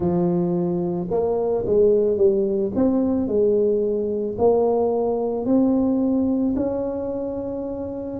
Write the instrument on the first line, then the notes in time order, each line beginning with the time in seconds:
tuba
0.00 F3
1.10 A#3
1.66 G#3
2.17 G3
2.75 C4
3.27 G#3
4.38 A#3
5.45 C4
6.56 C#4